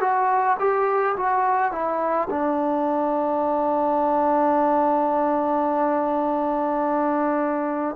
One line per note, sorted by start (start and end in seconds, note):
0.00 0.57 F#4
0.59 1.16 G4
1.16 1.72 F#4
1.72 2.28 E4
2.30 7.96 D4